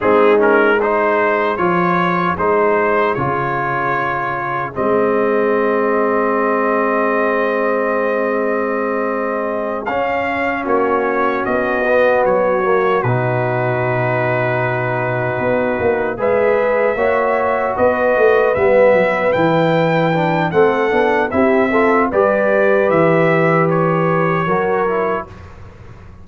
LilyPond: <<
  \new Staff \with { instrumentName = "trumpet" } { \time 4/4 \tempo 4 = 76 gis'8 ais'8 c''4 cis''4 c''4 | cis''2 dis''2~ | dis''1~ | dis''8 f''4 cis''4 dis''4 cis''8~ |
cis''8 b'2.~ b'8~ | b'8 e''2 dis''4 e''8~ | e''8 g''4. fis''4 e''4 | d''4 e''4 cis''2 | }
  \new Staff \with { instrumentName = "horn" } { \time 4/4 dis'4 gis'2.~ | gis'1~ | gis'1~ | gis'4. fis'2~ fis'8~ |
fis'1~ | fis'8 b'4 cis''4 b'4.~ | b'2 a'4 g'8 a'8 | b'2. ais'4 | }
  \new Staff \with { instrumentName = "trombone" } { \time 4/4 c'8 cis'8 dis'4 f'4 dis'4 | f'2 c'2~ | c'1~ | c'8 cis'2~ cis'8 b4 |
ais8 dis'2.~ dis'8~ | dis'8 gis'4 fis'2 b8~ | b8 e'4 d'8 c'8 d'8 e'8 f'8 | g'2. fis'8 e'8 | }
  \new Staff \with { instrumentName = "tuba" } { \time 4/4 gis2 f4 gis4 | cis2 gis2~ | gis1~ | gis8 cis'4 ais4 b4 fis8~ |
fis8 b,2. b8 | ais8 gis4 ais4 b8 a8 g8 | fis8 e4. a8 b8 c'4 | g4 e2 fis4 | }
>>